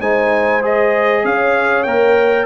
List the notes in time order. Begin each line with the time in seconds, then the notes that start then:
0.00 G#3 D#4 C5 G#5
0.62 G#4 D#5
1.24 C#4 C#5 F5
1.83 A#3 A#4 G5